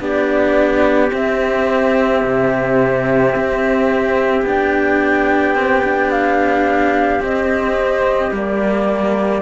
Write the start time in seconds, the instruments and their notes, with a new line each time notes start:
0.00 cello B3 D4, trumpet G4, flute D5
1.10 cello C4, flute E5
2.25 cello C3
3.36 cello C4
4.42 cello B3 D4, flute G5
5.55 cello C4
5.84 cello D4
6.11 flute F5
7.20 cello C4, flute D#5
8.31 cello G3 A#3, flute D5